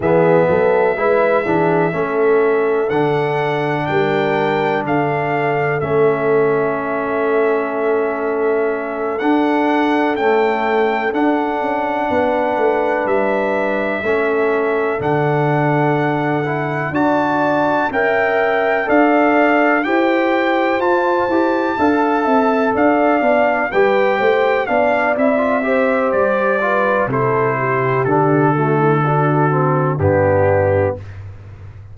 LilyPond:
<<
  \new Staff \with { instrumentName = "trumpet" } { \time 4/4 \tempo 4 = 62 e''2. fis''4 | g''4 f''4 e''2~ | e''4. fis''4 g''4 fis''8~ | fis''4. e''2 fis''8~ |
fis''4. a''4 g''4 f''8~ | f''8 g''4 a''2 f''8~ | f''8 g''4 f''8 e''4 d''4 | c''4 a'2 g'4 | }
  \new Staff \with { instrumentName = "horn" } { \time 4/4 gis'8 a'8 b'8 gis'8 a'2 | ais'4 a'2.~ | a'1~ | a'8 b'2 a'4.~ |
a'4. d''4 e''4 d''8~ | d''8 c''2 f''8 e''8 d''8~ | d''8 b'8 c''8 d''4 c''4 b'8 | a'8 g'4 fis'16 e'16 fis'4 d'4 | }
  \new Staff \with { instrumentName = "trombone" } { \time 4/4 b4 e'8 d'8 cis'4 d'4~ | d'2 cis'2~ | cis'4. d'4 a4 d'8~ | d'2~ d'8 cis'4 d'8~ |
d'4 e'8 fis'4 ais'4 a'8~ | a'8 g'4 f'8 g'8 a'4. | d'8 g'4 d'8 e'16 f'16 g'4 f'8 | e'4 d'8 a8 d'8 c'8 b4 | }
  \new Staff \with { instrumentName = "tuba" } { \time 4/4 e8 fis8 gis8 e8 a4 d4 | g4 d4 a2~ | a4. d'4 cis'4 d'8 | cis'8 b8 a8 g4 a4 d8~ |
d4. d'4 cis'4 d'8~ | d'8 e'4 f'8 e'8 d'8 c'8 d'8 | b8 g8 a8 b8 c'4 g4 | c4 d2 g,4 | }
>>